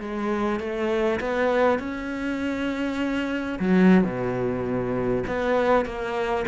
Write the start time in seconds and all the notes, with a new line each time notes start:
0.00 G#3
0.59 A3
1.20 B3
1.78 C#4
3.59 F#3
4.03 B2
5.27 B3
5.85 A#3